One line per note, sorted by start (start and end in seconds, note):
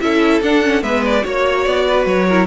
0.00 0.41 C#4
0.00 0.42 E4
0.00 0.83 A4
0.00 0.41 E5
0.41 0.82 D4
0.41 0.63 D4
0.41 0.83 F#5
0.63 0.81 C#4
0.81 1.24 G#3
0.81 1.21 B3
0.81 1.23 B4
0.81 1.03 E5
1.05 1.26 D5
1.21 1.66 A#3
1.21 2.24 F#4
1.21 1.85 C#5
1.21 1.64 C#5
1.64 2.06 B3
1.64 2.05 D5
1.88 2.27 B4
2.06 2.46 F#3
2.06 2.46 C#5
2.27 2.46 E4
2.27 2.46 A#4